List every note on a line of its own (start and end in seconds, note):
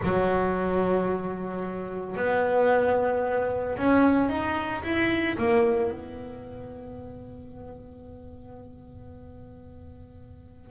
0.02 2.16 F#3
2.16 3.76 B3
3.77 4.29 C#4
4.29 4.82 D#4
4.83 5.36 E4
5.37 5.90 A#3
5.90 10.71 B3